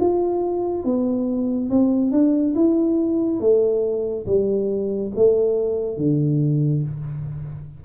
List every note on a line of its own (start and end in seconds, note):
0.00 0.85 F4
0.85 1.70 B3
1.70 2.12 C4
2.12 2.54 D4
2.55 3.41 E4
3.41 4.26 A3
4.26 5.12 G3
5.16 5.97 A3
5.97 6.83 D3